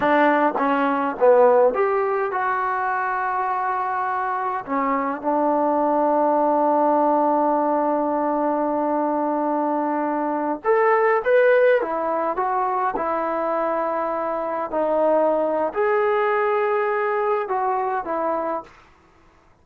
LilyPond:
\new Staff \with { instrumentName = "trombone" } { \time 4/4 \tempo 4 = 103 d'4 cis'4 b4 g'4 | fis'1 | cis'4 d'2.~ | d'1~ |
d'2~ d'16 a'4 b'8.~ | b'16 e'4 fis'4 e'4.~ e'16~ | e'4~ e'16 dis'4.~ dis'16 gis'4~ | gis'2 fis'4 e'4 | }